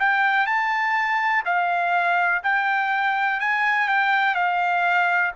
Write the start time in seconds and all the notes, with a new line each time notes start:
0.00 G5
0.47 A5
1.46 F5
2.44 G5
3.40 G#5
3.89 G5
4.35 F5